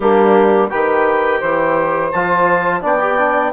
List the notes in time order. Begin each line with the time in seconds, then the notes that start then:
0.00 G3 A#3 D4 G4
0.68 D#3 G4 B4 G5
1.39 E3 C5
2.11 F3 F4 A5
2.81 B3 D4 D5 G5
3.00 G4
3.18 D4